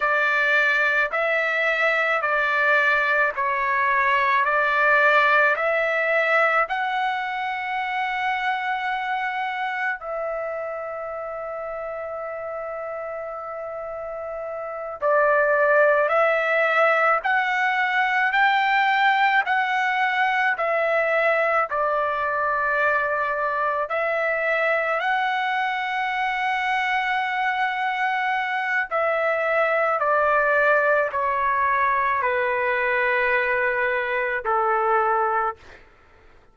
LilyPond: \new Staff \with { instrumentName = "trumpet" } { \time 4/4 \tempo 4 = 54 d''4 e''4 d''4 cis''4 | d''4 e''4 fis''2~ | fis''4 e''2.~ | e''4. d''4 e''4 fis''8~ |
fis''8 g''4 fis''4 e''4 d''8~ | d''4. e''4 fis''4.~ | fis''2 e''4 d''4 | cis''4 b'2 a'4 | }